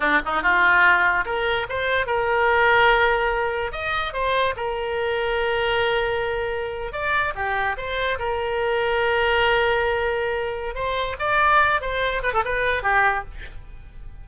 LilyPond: \new Staff \with { instrumentName = "oboe" } { \time 4/4 \tempo 4 = 145 d'8 dis'8 f'2 ais'4 | c''4 ais'2.~ | ais'4 dis''4 c''4 ais'4~ | ais'1~ |
ais'8. d''4 g'4 c''4 ais'16~ | ais'1~ | ais'2 c''4 d''4~ | d''8 c''4 b'16 a'16 b'4 g'4 | }